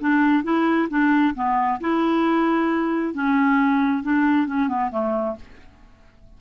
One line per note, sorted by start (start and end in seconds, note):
0.00 0.44 D4
0.44 0.88 E4
0.89 1.34 D4
1.35 1.80 B3
1.80 3.14 E4
3.14 4.03 C#4
4.03 4.47 D4
4.47 4.69 C#4
4.69 4.91 B3
4.91 5.36 A3